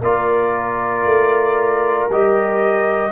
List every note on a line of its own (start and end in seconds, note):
0.00 1.04 A#3
0.00 2.10 F4
0.00 3.10 A#4
0.00 2.09 D5
1.04 2.08 A3
2.09 3.11 G3
2.09 3.11 G4
2.09 3.11 D#5